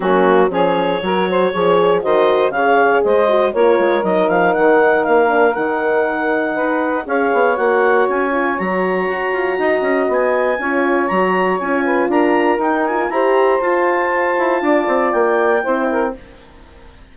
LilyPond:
<<
  \new Staff \with { instrumentName = "clarinet" } { \time 4/4 \tempo 4 = 119 fis'4 cis''2. | dis''4 f''4 dis''4 cis''4 | dis''8 f''8 fis''4 f''4 fis''4~ | fis''2 f''4 fis''4 |
gis''4 ais''2. | gis''2 ais''4 gis''4 | ais''4 g''8 gis''8 ais''4 a''4~ | a''2 g''2 | }
  \new Staff \with { instrumentName = "saxophone" } { \time 4/4 cis'4 gis'4 ais'8 c''8 cis''4 | c''4 cis''4 c''4 ais'4~ | ais'1~ | ais'4 b'4 cis''2~ |
cis''2. dis''4~ | dis''4 cis''2~ cis''8 b'8 | ais'2 c''2~ | c''4 d''2 c''8 ais'8 | }
  \new Staff \with { instrumentName = "horn" } { \time 4/4 ais4 cis'4 fis'4 gis'4 | fis'4 gis'4. fis'8 f'4 | dis'2~ dis'8 d'8 dis'4~ | dis'2 gis'4 fis'4~ |
fis'8 f'8 fis'2.~ | fis'4 f'4 fis'4 f'4~ | f'4 dis'8 f'8 g'4 f'4~ | f'2. e'4 | }
  \new Staff \with { instrumentName = "bassoon" } { \time 4/4 fis4 f4 fis4 f4 | dis4 cis4 gis4 ais8 gis8 | fis8 f8 dis4 ais4 dis4~ | dis4 dis'4 cis'8 b8 ais4 |
cis'4 fis4 fis'8 f'8 dis'8 cis'8 | b4 cis'4 fis4 cis'4 | d'4 dis'4 e'4 f'4~ | f'8 e'8 d'8 c'8 ais4 c'4 | }
>>